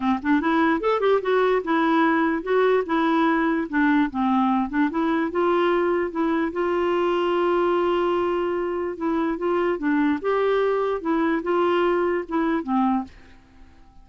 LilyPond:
\new Staff \with { instrumentName = "clarinet" } { \time 4/4 \tempo 4 = 147 c'8 d'8 e'4 a'8 g'8 fis'4 | e'2 fis'4 e'4~ | e'4 d'4 c'4. d'8 | e'4 f'2 e'4 |
f'1~ | f'2 e'4 f'4 | d'4 g'2 e'4 | f'2 e'4 c'4 | }